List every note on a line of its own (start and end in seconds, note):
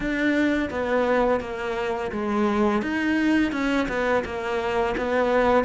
0.00 0.69 D4
0.70 1.40 B3
1.40 2.11 A#3
2.11 2.81 G#3
2.81 3.51 D#4
3.51 3.87 C#4
3.88 4.23 B3
4.24 4.95 A#3
4.97 5.64 B3